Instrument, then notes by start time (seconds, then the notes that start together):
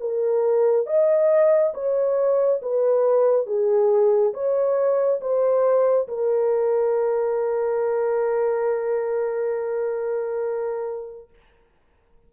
horn
0.00 A#4
0.87 D#5
1.74 C#5
2.62 B4
3.47 G#4
4.34 C#5
5.21 C5
6.08 A#4